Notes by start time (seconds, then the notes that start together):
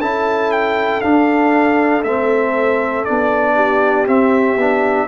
0.00 C#4 E4 A4 A5
0.51 G5
1.01 D4 F5
2.03 A3 C4 E5
3.04 B3 D4 D5
3.55 G4
4.06 C4 E5
4.56 B3 D4